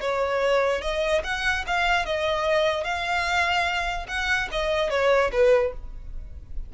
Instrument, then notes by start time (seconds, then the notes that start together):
violin
0.00 C#5
0.81 D#5
1.23 F#5
1.67 F5
2.05 D#5
2.83 F5
4.08 F#5
4.51 D#5
4.90 C#5
5.32 B4